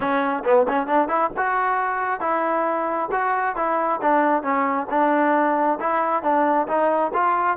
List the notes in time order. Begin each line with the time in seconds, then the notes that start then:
0.00 C#4
0.44 B3
0.68 C#4
0.86 D4
1.08 E4
1.36 F#4
2.20 E4
3.11 F#4
3.56 E4
4.01 D4
4.42 C#4
4.90 D4
5.79 E4
6.22 D4
6.67 D#4
7.13 F4